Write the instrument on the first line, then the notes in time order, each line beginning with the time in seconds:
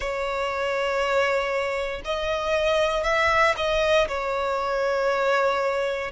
violin
0.00 C#5
2.04 D#5
3.03 E5
3.56 D#5
4.07 C#5